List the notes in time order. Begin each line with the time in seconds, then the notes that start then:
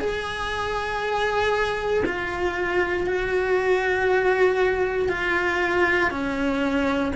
0.00 G#4
2.06 F4
3.06 F#4
5.09 F4
6.11 C#4